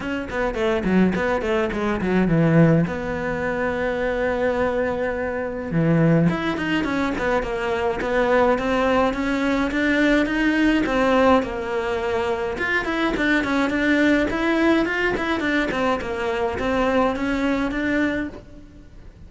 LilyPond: \new Staff \with { instrumentName = "cello" } { \time 4/4 \tempo 4 = 105 cis'8 b8 a8 fis8 b8 a8 gis8 fis8 | e4 b2.~ | b2 e4 e'8 dis'8 | cis'8 b8 ais4 b4 c'4 |
cis'4 d'4 dis'4 c'4 | ais2 f'8 e'8 d'8 cis'8 | d'4 e'4 f'8 e'8 d'8 c'8 | ais4 c'4 cis'4 d'4 | }